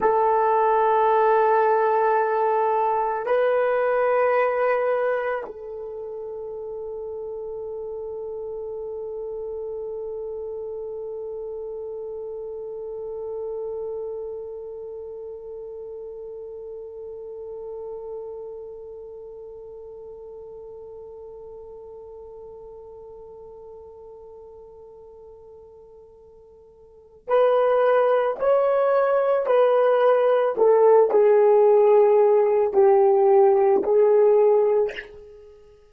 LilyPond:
\new Staff \with { instrumentName = "horn" } { \time 4/4 \tempo 4 = 55 a'2. b'4~ | b'4 a'2.~ | a'1~ | a'1~ |
a'1~ | a'1~ | a'4 b'4 cis''4 b'4 | a'8 gis'4. g'4 gis'4 | }